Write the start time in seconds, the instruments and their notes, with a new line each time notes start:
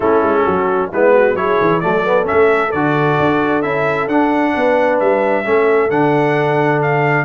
0.00 tuba A3, trombone C#4, horn E4, trumpet A4
0.22 tuba G#3
0.45 tuba F#3, horn F#4
0.92 tuba G#3, trombone B3, horn E4, trumpet B4
1.13 horn F#4
1.34 tuba F#3, trombone E4, horn G#4, trumpet C#5
1.61 tuba E3
1.80 tuba F#3, trombone A3, horn A4, trumpet D5
2.05 trombone B3
2.23 trombone C#4, trumpet E5
2.32 tuba A3
2.71 tuba D3, trombone F#4, trumpet D5
3.19 tuba D4
3.62 tuba C#4, trombone E4, trumpet E5
4.07 tuba D4, trombone D4, trumpet F#5
4.54 tuba B3, horn B4
4.99 tuba G3, trumpet E5
5.44 tuba A3, trombone C#4, horn A4
5.90 tuba D3, trombone D4, trumpet F#5
6.81 trumpet F5